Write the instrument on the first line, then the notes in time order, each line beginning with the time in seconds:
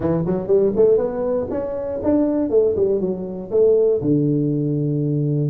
tuba
0.00 E3
0.26 F#3
0.47 G3
0.76 A3
0.97 B3
1.50 C#4
2.03 D4
2.50 A3
2.75 G3
3.00 F#3
3.50 A3
4.01 D3